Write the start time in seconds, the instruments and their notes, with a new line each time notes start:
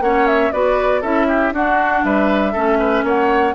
0.00 bassoon A#3, clarinet C#4, oboe C#5, flute F#5
0.26 flute E5
0.52 bassoon B3, clarinet F#4, oboe B4, flute D5
1.01 bassoon C#4, clarinet E4, oboe A4, flute E5
1.28 oboe G4
1.52 bassoon D4, clarinet D4, oboe F#4, flute F#5
2.04 bassoon G3, oboe B4, flute E5
2.52 bassoon A3, clarinet C#4, oboe A4
2.79 oboe B4
3.03 bassoon A#3, oboe C#5, flute F#5